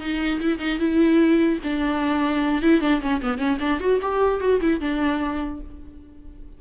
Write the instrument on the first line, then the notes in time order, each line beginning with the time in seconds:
viola
0.00 D#4
0.40 E4
0.59 D#4
0.79 E4
1.63 D4
2.62 E4
2.81 D4
3.01 C#4
3.22 B3
3.38 C#4
3.60 D4
3.80 F#4
4.02 G4
4.40 F#4
4.61 E4
4.81 D4